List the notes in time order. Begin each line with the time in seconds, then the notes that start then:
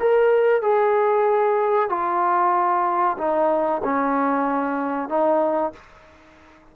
0.00 A#4
0.62 G#4
1.90 F4
3.19 D#4
3.84 C#4
5.09 D#4